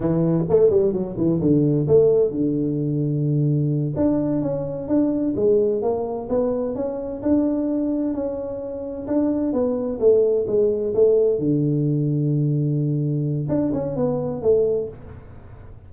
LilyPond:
\new Staff \with { instrumentName = "tuba" } { \time 4/4 \tempo 4 = 129 e4 a8 g8 fis8 e8 d4 | a4 d2.~ | d8 d'4 cis'4 d'4 gis8~ | gis8 ais4 b4 cis'4 d'8~ |
d'4. cis'2 d'8~ | d'8 b4 a4 gis4 a8~ | a8 d2.~ d8~ | d4 d'8 cis'8 b4 a4 | }